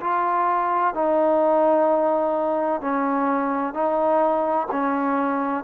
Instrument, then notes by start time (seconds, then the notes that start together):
trombone
0.00 F4
0.94 D#4
2.80 C#4
3.73 D#4
4.71 C#4